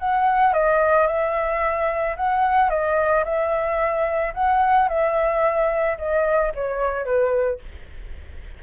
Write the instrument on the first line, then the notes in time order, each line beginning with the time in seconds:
flute
0.00 F#5
0.54 D#5
1.08 E5
2.17 F#5
2.70 D#5
3.25 E5
4.35 F#5
4.89 E5
5.99 D#5
6.56 C#5
7.06 B4